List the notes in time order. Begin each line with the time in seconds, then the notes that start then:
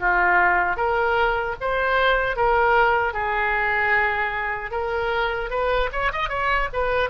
0.00 F4
0.77 A#4
1.61 C5
2.36 A#4
3.14 G#4
4.72 A#4
5.50 B4
5.92 C#5
6.13 D#5
6.29 C#5
6.73 B4